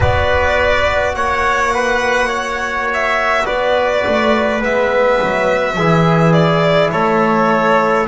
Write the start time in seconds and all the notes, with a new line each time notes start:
0.00 B3 F#4 B4 D5
1.14 A#3 C#5 F#5
1.74 B4
2.26 C#5
2.93 E5
3.45 B3 B4 D5
4.06 A3
4.60 G#3 B3 E5
5.22 F#3
5.76 E3 E4 G#4
6.32 D5
6.91 A3 A4 C#5